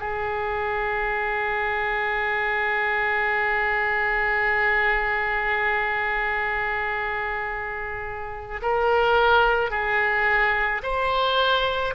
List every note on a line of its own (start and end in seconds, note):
0.00 8.61 G#4
8.62 9.71 A#4
9.71 10.82 G#4
10.83 11.94 C5